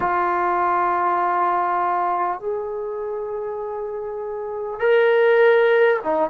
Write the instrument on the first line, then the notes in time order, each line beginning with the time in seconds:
trombone
0.00 F4
2.39 G#4
4.79 A#4
6.03 D#4